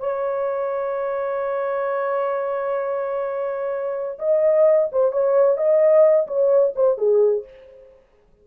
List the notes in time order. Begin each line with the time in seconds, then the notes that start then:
0.00 C#5
4.19 D#5
4.92 C5
5.12 C#5
5.58 D#5
6.27 C#5
6.76 C5
6.98 G#4